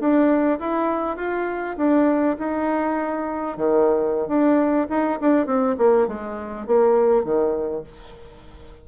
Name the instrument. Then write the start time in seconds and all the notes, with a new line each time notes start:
bassoon
0.00 D4
0.60 E4
1.17 F4
1.78 D4
2.39 D#4
3.58 D#3
4.28 D4
4.90 D#4
5.21 D4
5.47 C4
5.78 A#3
6.08 G#3
6.67 A#3
7.24 D#3